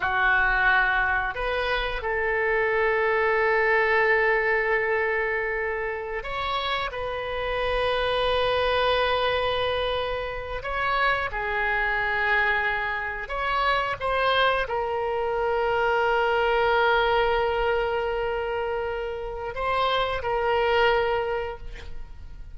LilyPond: \new Staff \with { instrumentName = "oboe" } { \time 4/4 \tempo 4 = 89 fis'2 b'4 a'4~ | a'1~ | a'4~ a'16 cis''4 b'4.~ b'16~ | b'2.~ b'8. cis''16~ |
cis''8. gis'2. cis''16~ | cis''8. c''4 ais'2~ ais'16~ | ais'1~ | ais'4 c''4 ais'2 | }